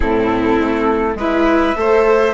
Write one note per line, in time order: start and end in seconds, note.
0.00 0.59 A2
0.00 1.15 C4
0.00 1.17 E4
0.00 1.18 A4
0.59 1.15 A3
1.15 1.74 G#3
1.15 1.75 E4
1.15 1.77 B4
1.15 2.34 E5
1.75 2.34 A3
1.75 2.34 A4
1.75 2.34 C5